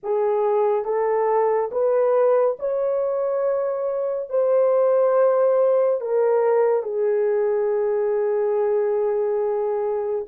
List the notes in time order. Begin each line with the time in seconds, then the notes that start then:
0.03 G#4
0.85 A4
1.71 B4
2.59 C#5
4.29 C5
6.00 A#4
6.83 G#4